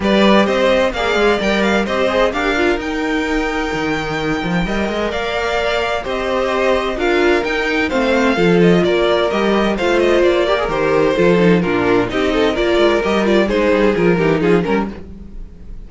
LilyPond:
<<
  \new Staff \with { instrumentName = "violin" } { \time 4/4 \tempo 4 = 129 d''4 dis''4 f''4 g''8 f''8 | dis''4 f''4 g''2~ | g''2. f''4~ | f''4 dis''2 f''4 |
g''4 f''4. dis''8 d''4 | dis''4 f''8 dis''8 d''4 c''4~ | c''4 ais'4 dis''4 d''4 | dis''8 d''8 c''4 ais'4 gis'8 ais'8 | }
  \new Staff \with { instrumentName = "violin" } { \time 4/4 b'4 c''4 d''2 | c''4 ais'2.~ | ais'2 dis''4 d''4~ | d''4 c''2 ais'4~ |
ais'4 c''4 a'4 ais'4~ | ais'4 c''4. ais'4. | a'4 f'4 g'8 a'8 ais'4~ | ais'4 gis'4. g'8 f'8 ais'8 | }
  \new Staff \with { instrumentName = "viola" } { \time 4/4 g'2 gis'4 ais'4 | g'8 gis'8 g'8 f'8 dis'2~ | dis'2 ais'2~ | ais'4 g'2 f'4 |
dis'4 c'4 f'2 | g'4 f'4. g'16 gis'16 g'4 | f'8 dis'8 d'4 dis'4 f'4 | g'8 f'8 dis'4 f'8 dis'4 cis'8 | }
  \new Staff \with { instrumentName = "cello" } { \time 4/4 g4 c'4 ais8 gis8 g4 | c'4 d'4 dis'2 | dis4. f8 g8 gis8 ais4~ | ais4 c'2 d'4 |
dis'4 a4 f4 ais4 | g4 a4 ais4 dis4 | f4 ais,4 c'4 ais8 gis8 | g4 gis8 g8 f8 e8 f8 g8 | }
>>